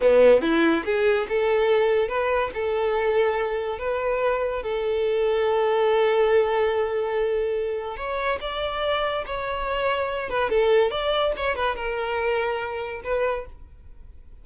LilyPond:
\new Staff \with { instrumentName = "violin" } { \time 4/4 \tempo 4 = 143 b4 e'4 gis'4 a'4~ | a'4 b'4 a'2~ | a'4 b'2 a'4~ | a'1~ |
a'2. cis''4 | d''2 cis''2~ | cis''8 b'8 a'4 d''4 cis''8 b'8 | ais'2. b'4 | }